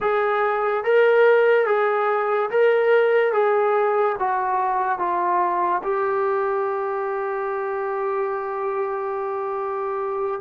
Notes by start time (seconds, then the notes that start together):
0.00 G#4
0.84 A#4
1.66 G#4
2.50 A#4
3.32 G#4
4.19 F#4
4.98 F4
5.83 G4